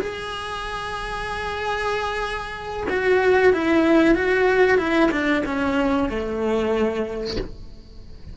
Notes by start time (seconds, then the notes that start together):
0.00 G#4
2.90 F#4
3.54 E4
4.15 F#4
4.79 E4
5.12 D4
5.46 C#4
6.10 A3